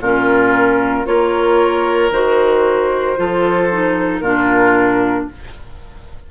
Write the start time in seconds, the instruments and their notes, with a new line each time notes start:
0.00 bassoon A#2, clarinet C#4, oboe F4, flute A#4
1.05 bassoon A#3, clarinet F4, oboe A#4, flute C#5
2.11 bassoon D#3, clarinet F#4, flute C5
3.17 bassoon F3, clarinet F4, oboe A4
3.71 clarinet D#4
4.20 bassoon A#2, clarinet D4, oboe F4, flute A#4